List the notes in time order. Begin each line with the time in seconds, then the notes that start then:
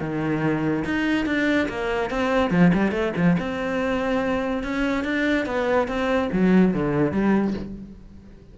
0.00 D#3
0.84 D#4
1.25 D4
1.68 A#3
2.10 C4
2.50 F3
2.73 G3
2.91 A3
3.16 F3
3.39 C4
4.63 C#4
5.04 D4
5.45 B3
5.87 C4
6.32 F#3
6.73 D3
7.11 G3